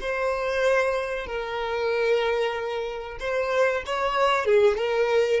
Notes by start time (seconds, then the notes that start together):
0.00 C5
1.26 A#4
3.19 C5
3.86 C#5
4.45 G#4
4.77 A#4